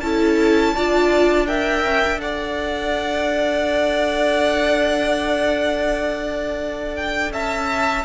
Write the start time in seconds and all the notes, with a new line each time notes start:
0.00 C#4 E4 A4 A5
0.75 D4 F4 D5
1.47 A#4 E5 G5
1.86 C#4
2.05 D4
2.19 A4 D5 F#5
6.96 G5
7.32 C#4 E5 A5